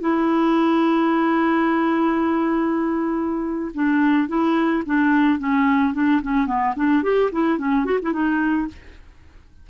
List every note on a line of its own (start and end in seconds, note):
0.00 3.72 E4
3.74 4.28 D4
4.28 4.83 E4
4.85 5.39 D4
5.39 5.94 C#4
5.94 6.21 D4
6.22 6.47 C#4
6.47 6.74 B3
6.76 7.03 D4
7.03 7.30 G4
7.32 7.58 E4
7.58 7.85 C#4
7.85 7.99 F#4
8.02 8.13 E4
8.13 8.68 D#4